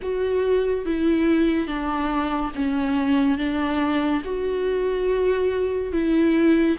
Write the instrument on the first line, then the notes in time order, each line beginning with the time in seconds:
viola
0.02 F#4
0.85 E4
1.67 D4
2.55 C#4
3.38 D4
4.24 F#4
5.92 E4